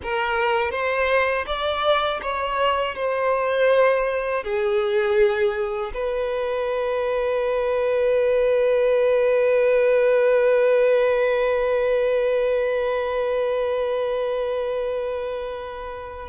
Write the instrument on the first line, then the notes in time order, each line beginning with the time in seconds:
violin
0.02 A#4
0.71 C5
1.46 D5
2.22 C#5
2.95 C5
4.43 G#4
5.94 B4